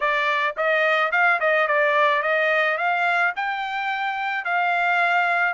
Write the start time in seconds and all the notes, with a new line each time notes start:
0.00 D5
0.57 D#5
1.11 F5
1.40 D#5
1.67 D5
2.22 D#5
2.77 F5
3.35 G5
4.44 F5